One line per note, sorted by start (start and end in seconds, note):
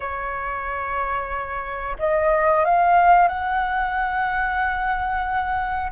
0.00 1.96 C#5
1.98 2.64 D#5
2.64 3.28 F5
3.28 5.91 F#5